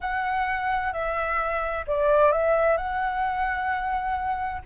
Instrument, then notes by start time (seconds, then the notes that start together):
flute
0.01 F#5
0.93 E5
1.87 D5
2.32 E5
2.77 F#5